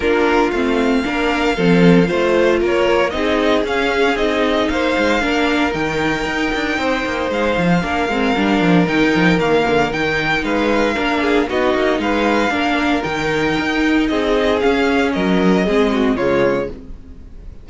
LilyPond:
<<
  \new Staff \with { instrumentName = "violin" } { \time 4/4 \tempo 4 = 115 ais'4 f''2.~ | f''4 cis''4 dis''4 f''4 | dis''4 f''2 g''4~ | g''2 f''2~ |
f''4 g''4 f''4 g''4 | f''2 dis''4 f''4~ | f''4 g''2 dis''4 | f''4 dis''2 cis''4 | }
  \new Staff \with { instrumentName = "violin" } { \time 4/4 f'2 ais'4 a'4 | c''4 ais'4 gis'2~ | gis'4 c''4 ais'2~ | ais'4 c''2 ais'4~ |
ais'1 | b'4 ais'8 gis'8 fis'4 b'4 | ais'2. gis'4~ | gis'4 ais'4 gis'8 fis'8 f'4 | }
  \new Staff \with { instrumentName = "viola" } { \time 4/4 d'4 c'4 d'4 c'4 | f'2 dis'4 cis'4 | dis'2 d'4 dis'4~ | dis'2. d'8 c'8 |
d'4 dis'4 ais4 dis'4~ | dis'4 d'4 dis'2 | d'4 dis'2. | cis'2 c'4 gis4 | }
  \new Staff \with { instrumentName = "cello" } { \time 4/4 ais4 a4 ais4 f4 | a4 ais4 c'4 cis'4 | c'4 ais8 gis8 ais4 dis4 | dis'8 d'8 c'8 ais8 gis8 f8 ais8 gis8 |
g8 f8 dis8 f8 dis8 d8 dis4 | gis4 ais4 b8 ais8 gis4 | ais4 dis4 dis'4 c'4 | cis'4 fis4 gis4 cis4 | }
>>